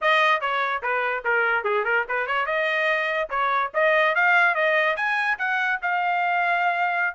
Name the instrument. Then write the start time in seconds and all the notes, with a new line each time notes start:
trumpet
0.01 D#5
0.40 C#5
0.82 B4
1.24 A#4
1.63 G#4
1.84 A#4
2.08 B4
2.26 C#5
2.46 D#5
3.29 C#5
3.74 D#5
4.15 F5
4.54 D#5
4.96 G#5
5.38 F#5
5.81 F5